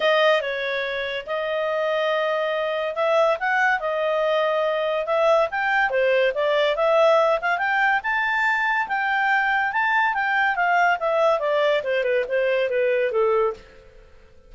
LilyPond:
\new Staff \with { instrumentName = "clarinet" } { \time 4/4 \tempo 4 = 142 dis''4 cis''2 dis''4~ | dis''2. e''4 | fis''4 dis''2. | e''4 g''4 c''4 d''4 |
e''4. f''8 g''4 a''4~ | a''4 g''2 a''4 | g''4 f''4 e''4 d''4 | c''8 b'8 c''4 b'4 a'4 | }